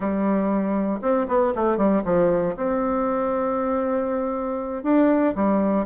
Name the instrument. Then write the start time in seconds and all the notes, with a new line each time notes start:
bassoon
0.00 G3
1.01 C4
1.28 B3
1.55 A3
1.77 G3
2.04 F3
2.56 C4
4.83 D4
5.35 G3